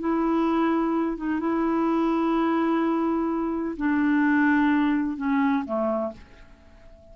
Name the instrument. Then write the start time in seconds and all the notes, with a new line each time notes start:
clarinet
0.00 E4
1.17 D#4
1.40 E4
3.77 D4
5.17 C#4
5.65 A3